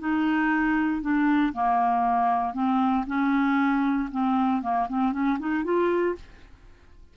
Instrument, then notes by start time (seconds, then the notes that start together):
clarinet
0.00 D#4
1.02 D4
1.53 A#3
2.54 C4
3.07 C#4
4.11 C4
4.62 A#3
4.89 C4
5.13 C#4
5.40 D#4
5.64 F4